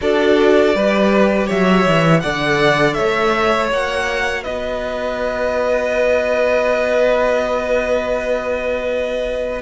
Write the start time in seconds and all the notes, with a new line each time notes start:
0.01 D4 F#4 A4 D5
0.74 G3 G4 B4
1.46 F#3 C#5 E5
1.86 E3
2.20 D3 A4 D5 F#5
2.93 A3 C#5 E5
3.70 A#3 F#4 F#5
4.43 B3 B4 D#5